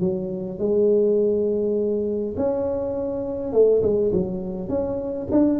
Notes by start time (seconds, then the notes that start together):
0.00 F#3
0.59 G#3
2.37 C#4
3.53 A3
3.82 G#3
4.12 F#3
4.69 C#4
5.31 D4